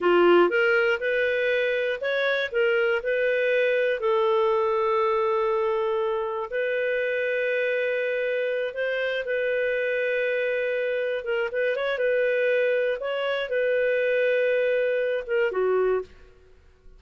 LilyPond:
\new Staff \with { instrumentName = "clarinet" } { \time 4/4 \tempo 4 = 120 f'4 ais'4 b'2 | cis''4 ais'4 b'2 | a'1~ | a'4 b'2.~ |
b'4. c''4 b'4.~ | b'2~ b'8 ais'8 b'8 cis''8 | b'2 cis''4 b'4~ | b'2~ b'8 ais'8 fis'4 | }